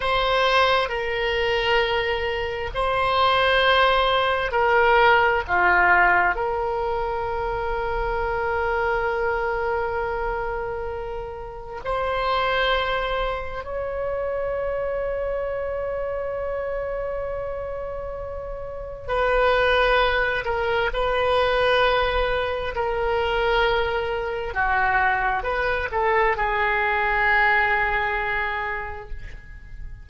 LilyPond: \new Staff \with { instrumentName = "oboe" } { \time 4/4 \tempo 4 = 66 c''4 ais'2 c''4~ | c''4 ais'4 f'4 ais'4~ | ais'1~ | ais'4 c''2 cis''4~ |
cis''1~ | cis''4 b'4. ais'8 b'4~ | b'4 ais'2 fis'4 | b'8 a'8 gis'2. | }